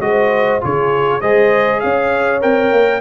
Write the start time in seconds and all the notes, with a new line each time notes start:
0.00 G#3 F#4 C5 D#5
0.61 C#3 F4 G#4 C#5
1.21 G#3 G#4 C5 D#5
1.80 C#4 C#5 F5
2.41 C4 A#4 G5
2.72 A#3